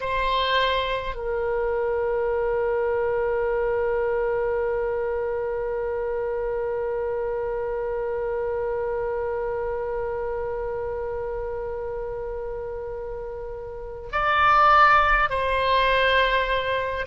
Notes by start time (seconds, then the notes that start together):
0.00 C5
1.15 A#4
14.12 D5
15.29 C5